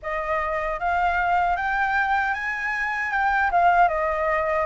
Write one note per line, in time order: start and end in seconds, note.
0.02 0.79 D#5
0.79 1.56 F5
1.56 2.34 G5
2.34 3.11 G#5
3.11 3.50 G5
3.51 3.88 F5
3.88 4.66 D#5